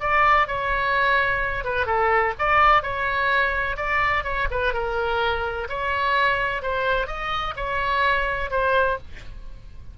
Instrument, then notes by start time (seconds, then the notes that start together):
oboe
0.00 D5
0.47 C#5
1.64 B4
1.86 A4
2.38 D5
2.82 C#5
3.76 D5
4.23 C#5
4.50 B4
4.73 A#4
5.68 C#5
6.62 C5
7.07 D#5
7.56 C#5
8.50 C5